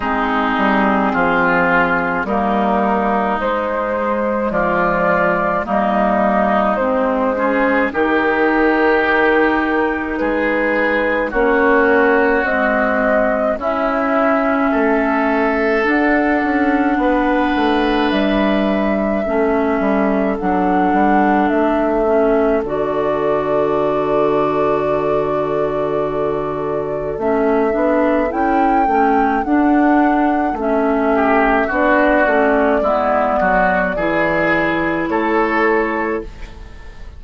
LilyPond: <<
  \new Staff \with { instrumentName = "flute" } { \time 4/4 \tempo 4 = 53 gis'2 ais'4 c''4 | d''4 dis''4 c''4 ais'4~ | ais'4 b'4 cis''4 dis''4 | e''2 fis''2 |
e''2 fis''4 e''4 | d''1 | e''4 g''4 fis''4 e''4 | d''2. cis''4 | }
  \new Staff \with { instrumentName = "oboe" } { \time 4/4 dis'4 f'4 dis'2 | f'4 dis'4. gis'8 g'4~ | g'4 gis'4 fis'2 | e'4 a'2 b'4~ |
b'4 a'2.~ | a'1~ | a'2.~ a'8 g'8 | fis'4 e'8 fis'8 gis'4 a'4 | }
  \new Staff \with { instrumentName = "clarinet" } { \time 4/4 c'2 ais4 gis4~ | gis4 ais4 c'8 cis'8 dis'4~ | dis'2 cis'4 gis4 | cis'2 d'2~ |
d'4 cis'4 d'4. cis'8 | fis'1 | cis'8 d'8 e'8 cis'8 d'4 cis'4 | d'8 cis'8 b4 e'2 | }
  \new Staff \with { instrumentName = "bassoon" } { \time 4/4 gis8 g8 f4 g4 gis4 | f4 g4 gis4 dis4~ | dis4 gis4 ais4 c'4 | cis'4 a4 d'8 cis'8 b8 a8 |
g4 a8 g8 fis8 g8 a4 | d1 | a8 b8 cis'8 a8 d'4 a4 | b8 a8 gis8 fis8 e4 a4 | }
>>